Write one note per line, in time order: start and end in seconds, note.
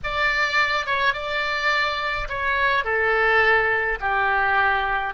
0.03 0.86 D5
0.86 1.13 C#5
1.13 2.28 D5
2.29 2.84 C#5
2.84 3.98 A4
4.00 5.14 G4